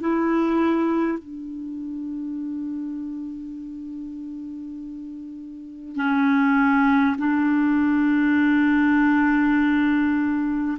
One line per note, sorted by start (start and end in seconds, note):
0.00 1.18 E4
1.18 5.96 D4
5.96 7.16 C#4
7.18 10.78 D4